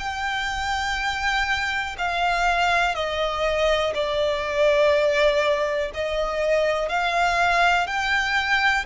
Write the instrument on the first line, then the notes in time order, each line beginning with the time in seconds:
violin
0.00 G5
1.99 F5
2.96 D#5
3.95 D5
5.94 D#5
6.89 F5
7.87 G5